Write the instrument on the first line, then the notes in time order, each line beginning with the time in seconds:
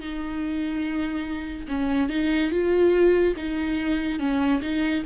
viola
0.00 D#4
1.68 C#4
2.09 D#4
2.51 F4
3.36 D#4
4.19 C#4
4.61 D#4